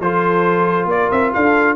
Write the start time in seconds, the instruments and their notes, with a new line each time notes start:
0.00 tuba F3, trombone F4, horn A4, trumpet C5
0.85 tuba A#3, trumpet D5
0.92 horn A#4
1.11 tuba C4, trumpet E5
1.34 tuba D4, horn A4, trumpet F5